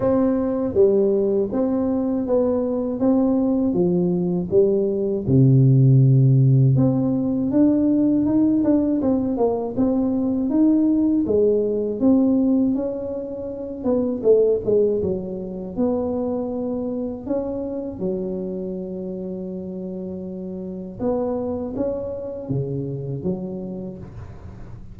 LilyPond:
\new Staff \with { instrumentName = "tuba" } { \time 4/4 \tempo 4 = 80 c'4 g4 c'4 b4 | c'4 f4 g4 c4~ | c4 c'4 d'4 dis'8 d'8 | c'8 ais8 c'4 dis'4 gis4 |
c'4 cis'4. b8 a8 gis8 | fis4 b2 cis'4 | fis1 | b4 cis'4 cis4 fis4 | }